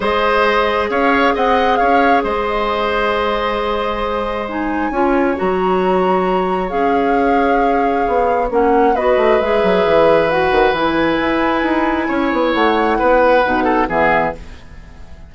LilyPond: <<
  \new Staff \with { instrumentName = "flute" } { \time 4/4 \tempo 4 = 134 dis''2 f''4 fis''4 | f''4 dis''2.~ | dis''2 gis''2 | ais''2. f''4~ |
f''2. fis''4 | dis''4 e''2 fis''4 | gis''1 | fis''2. e''4 | }
  \new Staff \with { instrumentName = "oboe" } { \time 4/4 c''2 cis''4 dis''4 | cis''4 c''2.~ | c''2. cis''4~ | cis''1~ |
cis''1 | b'1~ | b'2. cis''4~ | cis''4 b'4. a'8 gis'4 | }
  \new Staff \with { instrumentName = "clarinet" } { \time 4/4 gis'1~ | gis'1~ | gis'2 dis'4 f'4 | fis'2. gis'4~ |
gis'2. cis'4 | fis'4 gis'2 fis'4 | e'1~ | e'2 dis'4 b4 | }
  \new Staff \with { instrumentName = "bassoon" } { \time 4/4 gis2 cis'4 c'4 | cis'4 gis2.~ | gis2. cis'4 | fis2. cis'4~ |
cis'2 b4 ais4 | b8 a8 gis8 fis8 e4. dis8 | e4 e'4 dis'4 cis'8 b8 | a4 b4 b,4 e4 | }
>>